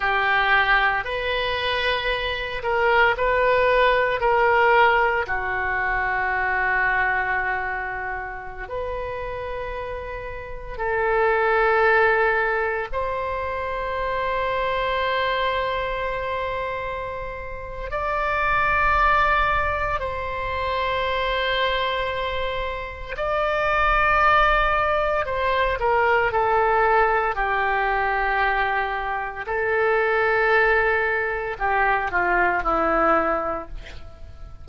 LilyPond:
\new Staff \with { instrumentName = "oboe" } { \time 4/4 \tempo 4 = 57 g'4 b'4. ais'8 b'4 | ais'4 fis'2.~ | fis'16 b'2 a'4.~ a'16~ | a'16 c''2.~ c''8.~ |
c''4 d''2 c''4~ | c''2 d''2 | c''8 ais'8 a'4 g'2 | a'2 g'8 f'8 e'4 | }